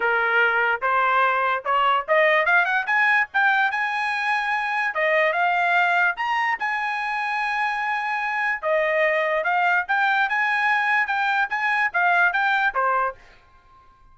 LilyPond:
\new Staff \with { instrumentName = "trumpet" } { \time 4/4 \tempo 4 = 146 ais'2 c''2 | cis''4 dis''4 f''8 fis''8 gis''4 | g''4 gis''2. | dis''4 f''2 ais''4 |
gis''1~ | gis''4 dis''2 f''4 | g''4 gis''2 g''4 | gis''4 f''4 g''4 c''4 | }